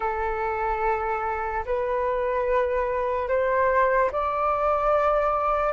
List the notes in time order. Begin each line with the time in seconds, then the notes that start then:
0.00 A4
1.65 B4
3.28 C5
4.11 D5